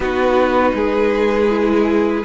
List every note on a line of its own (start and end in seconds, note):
0.00 0.72 B3
0.00 1.49 D#4
0.00 0.75 F#4
0.00 2.24 B4
0.74 2.24 G#3
0.74 2.24 G#4
1.49 2.24 E4